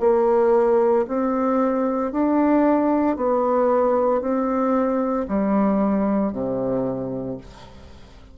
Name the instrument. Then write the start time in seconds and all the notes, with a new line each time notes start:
bassoon
0.00 A#3
1.08 C4
2.12 D4
3.16 B3
4.21 C4
5.28 G3
6.32 C3